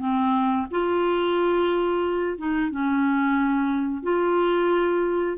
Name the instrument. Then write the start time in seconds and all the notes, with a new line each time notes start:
clarinet
0.00 C4
0.71 F4
2.38 D#4
2.71 C#4
4.03 F4